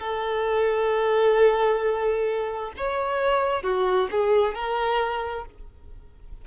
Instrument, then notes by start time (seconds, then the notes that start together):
violin
0.00 A4
2.77 C#5
3.63 F#4
4.12 G#4
4.55 A#4